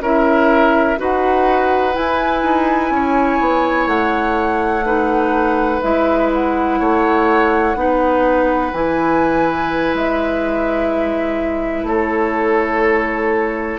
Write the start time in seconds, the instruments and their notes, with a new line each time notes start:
0.00 bassoon C#4, clarinet E4, oboe A#4, flute E5
0.97 bassoon D#4, clarinet F#4, oboe B4, flute F#5
1.93 clarinet E4, bassoon E4, flute G#5
2.43 bassoon D#4
2.90 bassoon C#4, oboe C#5
3.41 bassoon B3
3.86 bassoon A3, flute F#5
4.85 clarinet D#4, oboe B4
5.82 bassoon G#3, clarinet E4, flute E5
6.34 flute F#5
6.79 bassoon A3, oboe C#5
7.75 bassoon B3, clarinet D#4, oboe B4
8.73 bassoon E3, clarinet E4, flute G#5
9.94 bassoon G#3, flute E5
11.83 bassoon A3, oboe A4, flute C#5